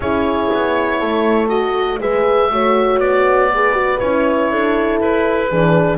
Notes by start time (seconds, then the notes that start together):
0.00 C#4 E4 G#4 C#5
0.53 B3
0.99 A3 A4
1.48 F#4 D#5
1.99 G#3 G#4 B4 E5
2.49 A3 F#4 C#5
2.97 B3 D5
3.51 G#4 B4
3.73 F#4
3.99 C#4 E4 C#5
4.51 D4 A4
5.00 E4 B4
5.49 E3 D4 G#4